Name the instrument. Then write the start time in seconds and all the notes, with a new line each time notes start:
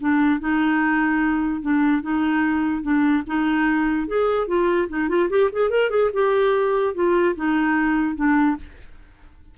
clarinet
0.00 D4
0.40 D#4
1.62 D4
2.02 D#4
2.83 D4
3.27 D#4
4.08 G#4
4.47 F4
4.89 D#4
5.09 F4
5.30 G4
5.53 G#4
5.70 A#4
5.90 G#4
6.14 G4
6.95 F4
7.36 D#4
8.16 D4